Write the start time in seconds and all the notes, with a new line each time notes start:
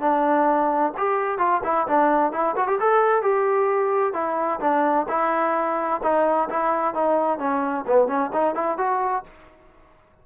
0.00 D4
0.97 G4
1.38 F4
1.64 E4
1.87 D4
2.32 E4
2.56 F#4
2.67 G4
2.80 A4
3.22 G4
4.13 E4
4.60 D4
5.08 E4
6.03 D#4
6.49 E4
6.94 D#4
7.38 C#4
7.87 B3
8.07 C#4
8.33 D#4
8.55 E4
8.78 F#4